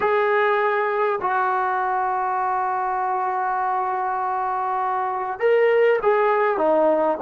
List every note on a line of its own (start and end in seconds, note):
0.00 1.19 G#4
1.21 5.39 F#4
5.39 5.99 A#4
6.02 6.57 G#4
6.57 7.17 D#4